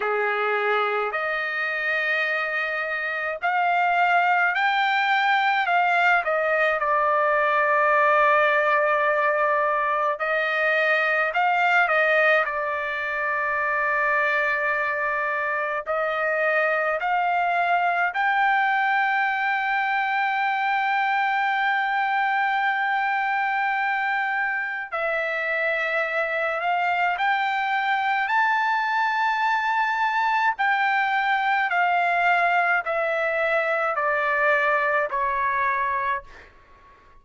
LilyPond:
\new Staff \with { instrumentName = "trumpet" } { \time 4/4 \tempo 4 = 53 gis'4 dis''2 f''4 | g''4 f''8 dis''8 d''2~ | d''4 dis''4 f''8 dis''8 d''4~ | d''2 dis''4 f''4 |
g''1~ | g''2 e''4. f''8 | g''4 a''2 g''4 | f''4 e''4 d''4 cis''4 | }